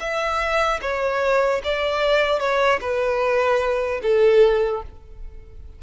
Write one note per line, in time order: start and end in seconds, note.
0.00 0.80 E5
0.81 1.61 C#5
1.64 2.40 D5
2.40 2.80 C#5
2.81 4.01 B4
4.02 4.82 A4